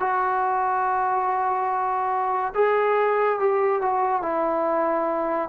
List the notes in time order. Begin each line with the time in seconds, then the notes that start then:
0.00 F#4
2.55 G#4
3.40 G4
3.82 F#4
4.23 E4